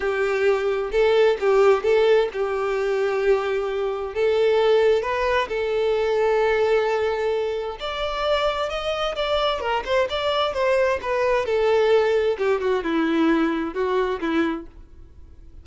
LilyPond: \new Staff \with { instrumentName = "violin" } { \time 4/4 \tempo 4 = 131 g'2 a'4 g'4 | a'4 g'2.~ | g'4 a'2 b'4 | a'1~ |
a'4 d''2 dis''4 | d''4 ais'8 c''8 d''4 c''4 | b'4 a'2 g'8 fis'8 | e'2 fis'4 e'4 | }